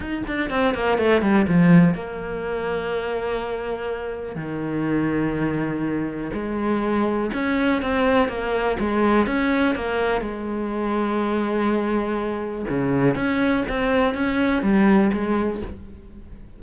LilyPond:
\new Staff \with { instrumentName = "cello" } { \time 4/4 \tempo 4 = 123 dis'8 d'8 c'8 ais8 a8 g8 f4 | ais1~ | ais4 dis2.~ | dis4 gis2 cis'4 |
c'4 ais4 gis4 cis'4 | ais4 gis2.~ | gis2 cis4 cis'4 | c'4 cis'4 g4 gis4 | }